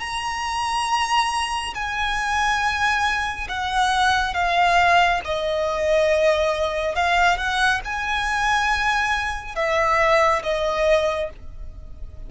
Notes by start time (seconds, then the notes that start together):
0.00 A#5
1.74 G#5
3.49 F#5
4.34 F5
5.25 D#5
6.95 F5
7.37 F#5
7.85 G#5
9.56 E5
10.43 D#5